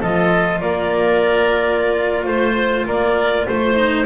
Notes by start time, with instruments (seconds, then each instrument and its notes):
0.00 double bass F3, cello F4, oboe A4, clarinet D#5
0.61 double bass A#3, oboe A#4, clarinet D5
2.25 double bass A3, clarinet C5, oboe C5
2.87 double bass A#3, oboe A#4, clarinet D5
3.46 double bass A3, clarinet C5, oboe C5
3.75 cello D#4